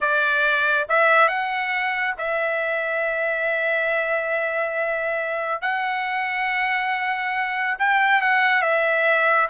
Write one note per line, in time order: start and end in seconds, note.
0.00 0.87 D5
0.88 1.28 E5
1.28 2.14 F#5
2.18 5.61 E5
5.61 7.77 F#5
7.78 8.21 G5
8.21 8.62 F#5
8.62 9.48 E5